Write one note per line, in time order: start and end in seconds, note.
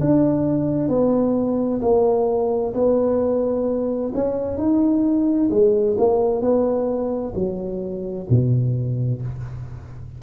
0.00 0.88 D4
0.88 1.80 B3
1.81 2.74 A#3
2.74 4.12 B3
4.14 4.57 C#4
4.57 5.50 D#4
5.50 5.97 G#3
5.98 6.41 A#3
6.41 7.33 B3
7.35 8.27 F#3
8.30 9.22 B2